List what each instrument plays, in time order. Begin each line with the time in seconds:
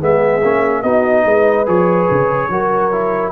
0.00 tuba G#3, trombone B3, horn G#4, trumpet E5
0.44 tuba A#3, trombone C#4
0.82 tuba B3, trombone D#4, horn F#4, trumpet D#5
1.25 tuba G#3, horn B4
1.66 tuba F3, trombone G#4, trumpet C#5
2.11 tuba C#3
2.49 tuba F#3, trombone F#4, horn A#4
2.92 trombone E4